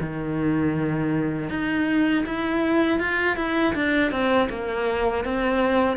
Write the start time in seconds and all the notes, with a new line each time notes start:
0.00 D#3
1.49 D#4
2.26 E4
2.99 F4
3.36 E4
3.74 D4
4.11 C4
4.49 A#3
5.24 C4